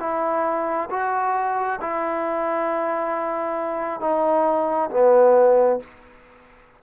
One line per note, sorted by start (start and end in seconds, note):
0.00 0.90 E4
0.90 1.80 F#4
1.81 4.01 E4
4.01 4.90 D#4
4.91 5.80 B3